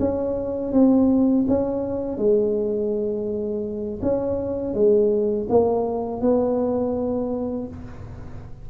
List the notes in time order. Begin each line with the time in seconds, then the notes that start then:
0.00 C#4
0.73 C4
1.48 C#4
2.18 G#3
4.02 C#4
4.74 G#3
5.50 A#3
6.22 B3